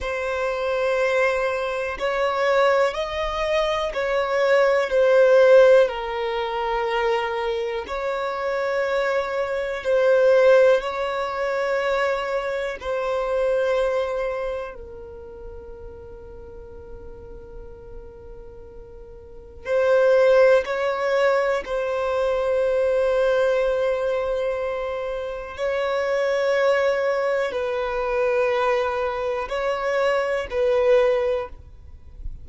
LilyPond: \new Staff \with { instrumentName = "violin" } { \time 4/4 \tempo 4 = 61 c''2 cis''4 dis''4 | cis''4 c''4 ais'2 | cis''2 c''4 cis''4~ | cis''4 c''2 ais'4~ |
ais'1 | c''4 cis''4 c''2~ | c''2 cis''2 | b'2 cis''4 b'4 | }